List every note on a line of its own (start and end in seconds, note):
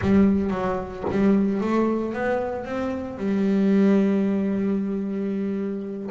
0.01 0.50 G3
0.50 1.03 F#3
1.10 1.60 G3
1.60 2.13 A3
2.13 2.64 B3
2.64 3.17 C4
3.17 6.09 G3